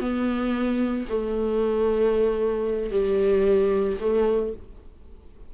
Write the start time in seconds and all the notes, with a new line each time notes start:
0.00 B3
1.09 A3
2.91 G3
4.01 A3